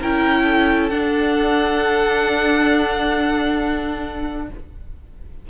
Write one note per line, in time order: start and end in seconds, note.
0.00 0.91 C#4
0.00 0.91 E4
0.00 0.43 A#4
0.00 0.90 G5
0.43 4.46 A4
0.90 4.49 D4
0.90 4.48 F#5